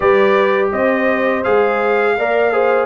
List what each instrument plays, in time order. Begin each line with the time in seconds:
0.00 tuba G3, trombone G4, horn B4, trumpet D5
0.71 tuba C4, horn C5, trumpet D#5
1.43 tuba G#3, trombone G#4, trumpet F5
2.17 tuba A#3, trombone A#4, horn D5
2.52 trombone G#4, horn C5